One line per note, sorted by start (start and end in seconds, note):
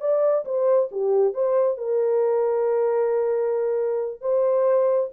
0.00 0.44 D5
0.45 0.89 C5
0.91 1.34 G4
1.34 1.77 C5
1.77 4.21 A#4
4.21 5.10 C5